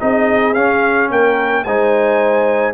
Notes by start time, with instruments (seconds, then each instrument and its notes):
0.00 tuba C4, trombone D#4, horn G#4, trumpet D#5
0.54 tuba C#4, trombone C#4, trumpet F5
1.11 tuba A#3, horn A#4, trumpet G5
1.64 tuba G#3, trombone D#4, horn C5, trumpet G#5